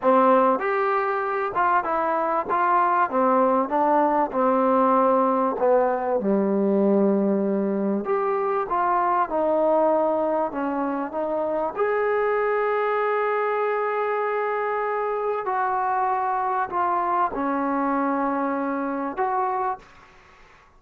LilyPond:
\new Staff \with { instrumentName = "trombone" } { \time 4/4 \tempo 4 = 97 c'4 g'4. f'8 e'4 | f'4 c'4 d'4 c'4~ | c'4 b4 g2~ | g4 g'4 f'4 dis'4~ |
dis'4 cis'4 dis'4 gis'4~ | gis'1~ | gis'4 fis'2 f'4 | cis'2. fis'4 | }